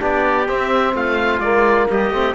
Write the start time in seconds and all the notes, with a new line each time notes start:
0.00 B3 D4 G4 D5
0.48 C4 E5
0.94 A3 F4 F5
1.40 G#3 A#3 D5
1.90 G3 G4 D#5
2.11 A3 C4